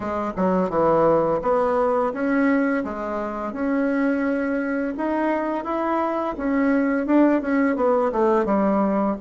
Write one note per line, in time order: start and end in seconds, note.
0.00 0.32 G#3
0.36 0.69 F#3
0.69 1.40 E3
1.42 2.12 B3
2.13 2.83 C#4
2.84 3.52 G#3
3.52 4.93 C#4
4.97 5.64 D#4
5.64 6.35 E4
6.37 7.06 C#4
7.06 7.41 D4
7.41 7.76 C#4
7.76 8.11 B3
8.12 8.45 A3
8.45 9.16 G3